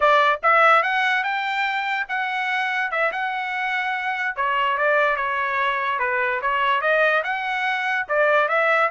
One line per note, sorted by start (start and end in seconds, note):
0.00 0.39 D5
0.43 0.83 E5
0.83 1.23 F#5
1.23 2.06 G5
2.08 2.91 F#5
2.91 3.11 E5
3.12 4.36 F#5
4.36 4.77 C#5
4.77 5.16 D5
5.16 5.99 C#5
5.99 6.40 B4
6.41 6.81 C#5
6.81 7.22 D#5
7.23 8.06 F#5
8.08 8.48 D5
8.48 8.90 E5